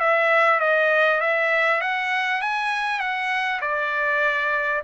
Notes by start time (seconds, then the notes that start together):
0.00 E5
0.60 D#5
1.21 E5
1.81 F#5
2.42 G#5
3.00 F#5
3.61 D5